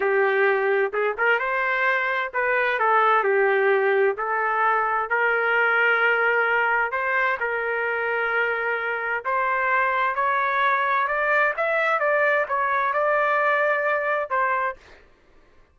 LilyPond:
\new Staff \with { instrumentName = "trumpet" } { \time 4/4 \tempo 4 = 130 g'2 gis'8 ais'8 c''4~ | c''4 b'4 a'4 g'4~ | g'4 a'2 ais'4~ | ais'2. c''4 |
ais'1 | c''2 cis''2 | d''4 e''4 d''4 cis''4 | d''2. c''4 | }